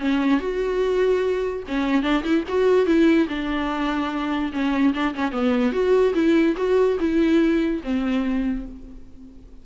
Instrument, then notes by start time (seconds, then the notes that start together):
viola
0.00 C#4
0.40 F#4
1.68 C#4
2.03 D4
2.24 E4
2.49 F#4
2.87 E4
3.29 D4
4.53 C#4
4.94 D4
5.15 C#4
5.33 B3
5.73 F#4
6.15 E4
6.57 F#4
7.00 E4
7.84 C4